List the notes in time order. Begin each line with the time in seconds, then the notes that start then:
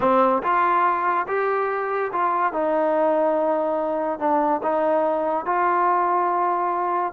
0.00 C4
0.42 F4
1.27 G4
2.12 F4
2.52 D#4
4.19 D4
4.63 D#4
5.45 F4